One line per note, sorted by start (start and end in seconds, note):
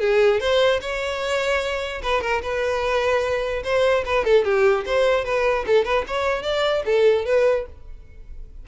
0.00 0.40 G#4
0.40 0.80 C5
0.81 2.02 C#5
2.02 2.21 B4
2.21 2.42 A#4
2.42 3.63 B4
3.64 4.04 C5
4.05 4.25 B4
4.25 4.45 A4
4.45 4.85 G4
4.86 5.25 C5
5.25 5.65 B4
5.67 5.85 A4
5.85 6.05 B4
6.08 6.43 C#5
6.43 6.83 D5
6.85 7.26 A4
7.26 7.66 B4